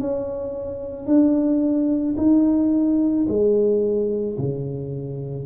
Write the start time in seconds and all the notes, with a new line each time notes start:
0.00 C#4
1.06 D4
2.18 D#4
3.28 G#3
4.38 C#3